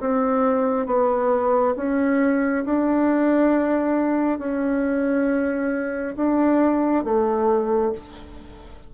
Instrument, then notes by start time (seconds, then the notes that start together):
bassoon
0.00 C4
0.86 B3
1.76 C#4
2.65 D4
4.38 C#4
6.16 D4
7.04 A3